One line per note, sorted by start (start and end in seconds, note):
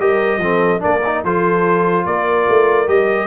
0.00 0.38 G3
0.00 0.42 G4
0.00 0.41 A#4
0.00 0.83 D#5
0.38 0.79 F3
0.38 0.80 C4
0.38 0.82 A4
0.80 1.24 A#3
0.80 1.00 D4
0.80 1.23 A#4
0.80 1.24 D5
1.07 1.26 D#4
1.24 2.06 F3
1.24 2.88 F4
1.24 2.06 A4
1.24 2.06 C5
2.06 2.47 A#3
2.06 3.28 A#4
2.06 2.89 D5
2.49 2.89 A3
2.88 3.28 G3
2.88 3.28 G4
2.88 3.28 D#5